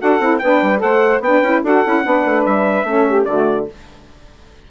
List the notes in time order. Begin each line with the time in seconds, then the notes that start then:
0.00 D4 F#4 A4 F#5
0.20 C4 E4
0.39 B3 D4 B4 G5
0.62 G3
0.78 A3 A4 C5 F#5
1.20 B3 D4 B4 G5
1.42 C#4 E4
1.62 D4 F#4 A4 F#5
1.86 C#4 E4
2.04 B3 D4 B4
2.25 A3
2.45 G3 E5
2.84 A3 C#4 A4
3.07 G4
3.25 D3 A3 F#4 D5